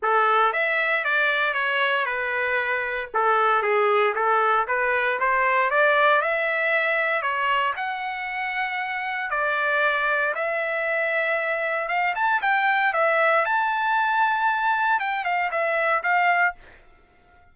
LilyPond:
\new Staff \with { instrumentName = "trumpet" } { \time 4/4 \tempo 4 = 116 a'4 e''4 d''4 cis''4 | b'2 a'4 gis'4 | a'4 b'4 c''4 d''4 | e''2 cis''4 fis''4~ |
fis''2 d''2 | e''2. f''8 a''8 | g''4 e''4 a''2~ | a''4 g''8 f''8 e''4 f''4 | }